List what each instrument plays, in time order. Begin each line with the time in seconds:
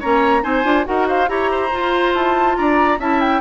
0.00 bassoon A#3, clarinet C#4, oboe C#5, flute A#5
0.42 bassoon C4, clarinet D#4, oboe C5, flute G#5
0.64 bassoon D4, clarinet F4
0.85 bassoon D#4, clarinet F#4, oboe A#4, flute F#5
1.08 oboe C5, flute F5
1.27 bassoon E4, clarinet G4, oboe C#5, flute A#5
1.51 oboe C5
1.73 clarinet F4, bassoon F4
2.14 bassoon E4, flute A5
2.57 bassoon D4, oboe D5, flute A#5
2.99 bassoon C#4, clarinet E4, oboe E5, flute A5
3.20 flute G5